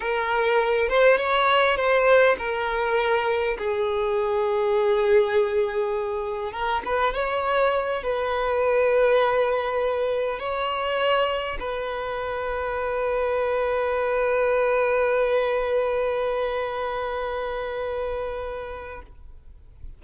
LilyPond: \new Staff \with { instrumentName = "violin" } { \time 4/4 \tempo 4 = 101 ais'4. c''8 cis''4 c''4 | ais'2 gis'2~ | gis'2. ais'8 b'8 | cis''4. b'2~ b'8~ |
b'4. cis''2 b'8~ | b'1~ | b'1~ | b'1 | }